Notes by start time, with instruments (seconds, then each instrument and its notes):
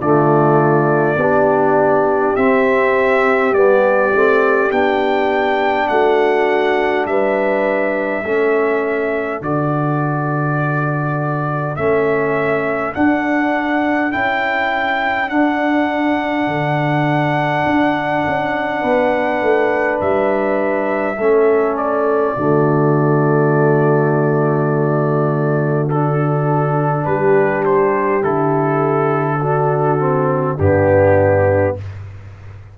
0.00 tuba D3, trombone A3, horn F4, trumpet D5
1.17 tuba B3, trombone D4, horn G4
2.36 tuba C4, trombone C4, trumpet E5
3.53 tuba G3, trombone B3, trumpet D5
4.14 tuba A3, trombone C4
4.71 tuba B3, trombone D4, trumpet G5
5.88 tuba A3, horn F#4, trumpet F#5
7.06 tuba G3, horn B4, trumpet E5
8.24 tuba A3, trombone C#4, horn A4
9.42 tuba D3, trombone F#4, trumpet D5
11.76 tuba A3, trombone C#4, trumpet E5
12.93 trombone D4, tuba D4, trumpet F#5
14.11 tuba C#4, trombone E4, trumpet G5
15.28 trombone D4, tuba D4, trumpet F#5
16.48 tuba D3
17.66 tuba D4
18.27 tuba C#4
18.81 tuba B3, horn B4
19.42 tuba A3
20.01 tuba G3, trumpet E5
21.18 tuba A3, trombone C#4, horn A4
21.77 trumpet D5
22.37 tuba D3, trombone A3, horn F#4
25.89 trombone D4, trumpet A4
27.06 tuba G3, horn G4, trumpet B4
27.66 trumpet C5
28.22 tuba D3, trombone E4, trumpet A4
29.41 trombone D4, horn F#4
29.99 trombone C4
30.59 tuba G2, trombone B3, horn D4, trumpet G4